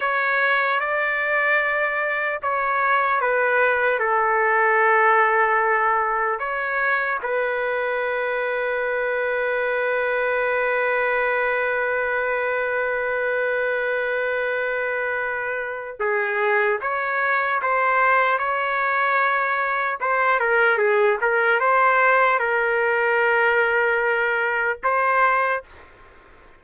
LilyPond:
\new Staff \with { instrumentName = "trumpet" } { \time 4/4 \tempo 4 = 75 cis''4 d''2 cis''4 | b'4 a'2. | cis''4 b'2.~ | b'1~ |
b'1 | gis'4 cis''4 c''4 cis''4~ | cis''4 c''8 ais'8 gis'8 ais'8 c''4 | ais'2. c''4 | }